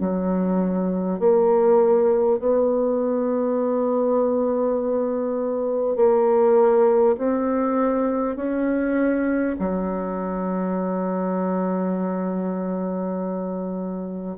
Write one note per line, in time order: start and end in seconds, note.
0.00 1.19 F#3
1.19 2.39 A#3
2.39 5.97 B3
5.97 7.17 A#3
7.18 8.36 C4
8.36 9.56 C#4
9.59 14.38 F#3